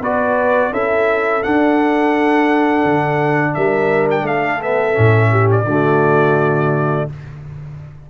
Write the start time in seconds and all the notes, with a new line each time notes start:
0.00 B3 F#4 B4 D5
0.71 C#4 E4 A4 E5
1.42 D4 F#5
2.84 D3
3.54 G3 A#4 E5
4.10 G5
4.22 A3 A4 F5
4.61 B3 E5
4.93 A2 C#4
5.31 G4
5.51 D5
5.64 D3 A3 F#4